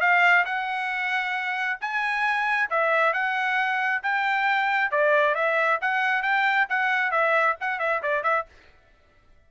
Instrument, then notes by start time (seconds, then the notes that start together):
trumpet
0.00 F5
0.45 F#5
1.81 G#5
2.70 E5
3.13 F#5
4.02 G5
4.91 D5
5.35 E5
5.81 F#5
6.22 G5
6.69 F#5
7.11 E5
7.60 F#5
7.79 E5
8.02 D5
8.23 E5